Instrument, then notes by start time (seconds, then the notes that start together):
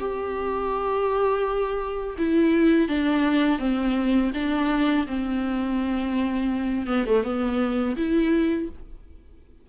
viola
0.00 G4
2.18 E4
2.89 D4
3.59 C4
4.34 D4
5.07 C4
6.87 B3
7.06 A3
7.24 B3
7.97 E4